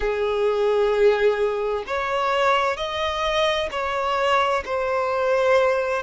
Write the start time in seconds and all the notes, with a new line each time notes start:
0.00 G#4
1.86 C#5
2.77 D#5
3.71 C#5
4.65 C5